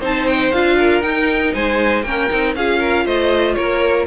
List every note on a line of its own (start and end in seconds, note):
0.00 0.52 C4
0.00 0.53 D#4
0.00 0.76 C5
0.00 0.27 A5
0.27 0.52 G5
0.52 1.01 D4
0.52 1.02 F4
0.52 1.01 F5
0.78 1.53 A#4
1.01 1.52 D#4
1.01 2.04 D#4
1.01 1.52 G5
1.53 2.03 G#3
1.53 2.04 C5
1.53 2.03 G#5
2.03 2.28 A#3
2.03 2.30 C#4
2.03 2.56 A#4
2.03 2.53 G5
2.30 2.55 C4
2.30 2.55 D#4
2.55 3.05 C#4
2.55 4.07 F4
2.55 2.79 G#4
2.55 3.06 F5
2.79 3.04 A#4
3.04 3.56 A3
3.04 3.55 C5
3.04 3.54 D#5
3.54 4.07 A#3
3.54 4.06 A#4
3.54 4.05 C#5